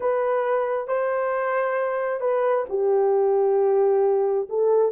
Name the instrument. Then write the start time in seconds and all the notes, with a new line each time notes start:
horn
0.00 B4
0.87 C5
2.20 B4
2.69 G4
4.49 A4